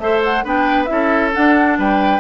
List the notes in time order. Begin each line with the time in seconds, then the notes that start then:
0.00 A3 A4 C5 E5
0.24 F#5
0.45 B3 D4 B4 G5
0.86 C#4 E4 E5
0.92 A4
1.33 D4 F#5
1.79 G3 B4 G5